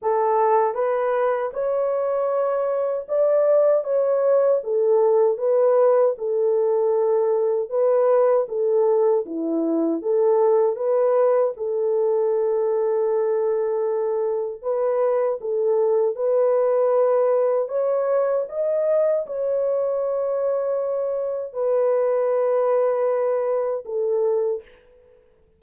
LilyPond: \new Staff \with { instrumentName = "horn" } { \time 4/4 \tempo 4 = 78 a'4 b'4 cis''2 | d''4 cis''4 a'4 b'4 | a'2 b'4 a'4 | e'4 a'4 b'4 a'4~ |
a'2. b'4 | a'4 b'2 cis''4 | dis''4 cis''2. | b'2. a'4 | }